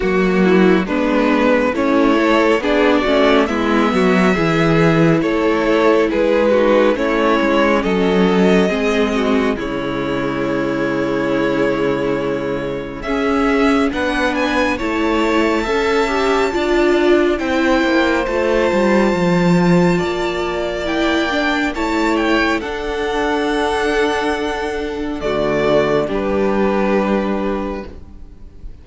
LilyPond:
<<
  \new Staff \with { instrumentName = "violin" } { \time 4/4 \tempo 4 = 69 fis'4 b'4 cis''4 d''4 | e''2 cis''4 b'4 | cis''4 dis''2 cis''4~ | cis''2. e''4 |
fis''8 gis''8 a''2. | g''4 a''2. | g''4 a''8 g''8 fis''2~ | fis''4 d''4 b'2 | }
  \new Staff \with { instrumentName = "violin" } { \time 4/4 fis'8 e'8 d'4 cis'8 a'8 gis'8 fis'8 | e'8 fis'8 gis'4 a'4 gis'8 fis'8 | e'4 a'4 gis'8 fis'8 e'4~ | e'2. gis'4 |
b'4 cis''4 e''4 d''4 | c''2. d''4~ | d''4 cis''4 a'2~ | a'4 fis'4 g'2 | }
  \new Staff \with { instrumentName = "viola" } { \time 4/4 ais4 b4 e'4 d'8 cis'8 | b4 e'2~ e'8 dis'8 | cis'2 c'4 gis4~ | gis2. cis'4 |
d'4 e'4 a'8 g'8 f'4 | e'4 f'2. | e'8 d'8 e'4 d'2~ | d'4 a4 d'2 | }
  \new Staff \with { instrumentName = "cello" } { \time 4/4 fis4 gis4 a4 b8 a8 | gis8 fis8 e4 a4 gis4 | a8 gis8 fis4 gis4 cis4~ | cis2. cis'4 |
b4 a4 cis'4 d'4 | c'8 ais8 a8 g8 f4 ais4~ | ais4 a4 d'2~ | d'4 d4 g2 | }
>>